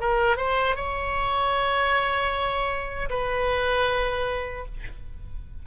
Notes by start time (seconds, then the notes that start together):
0.00 A#4
0.37 C5
0.76 C#5
3.10 B4